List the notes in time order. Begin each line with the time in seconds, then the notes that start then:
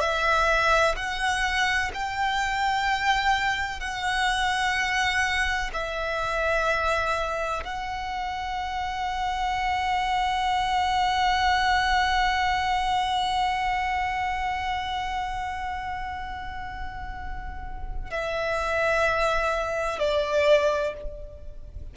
0.00 E5
0.96 F#5
1.94 G5
3.80 F#5
5.73 E5
7.65 F#5
18.10 E5
19.99 D5